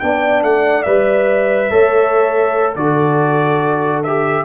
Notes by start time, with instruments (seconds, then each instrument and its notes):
0.00 tuba B3, trombone D4, horn D5, trumpet G5
0.43 tuba A3, trumpet F#5
0.83 tuba G3, trombone B4, trumpet E5
1.70 tuba A3, trombone A4, horn C#5
2.76 tuba D3, trombone F#4, horn A4, trumpet D5
4.04 trombone G4, trumpet E5